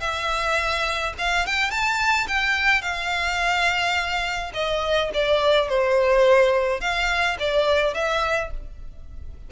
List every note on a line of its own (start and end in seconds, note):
0.00 1.13 E5
1.18 1.46 F5
1.46 1.70 G5
1.70 2.27 A5
2.28 2.82 G5
2.82 4.52 F5
4.54 5.10 D#5
5.14 5.69 D5
5.69 6.81 C5
6.81 7.37 F5
7.39 7.94 D5
7.94 8.51 E5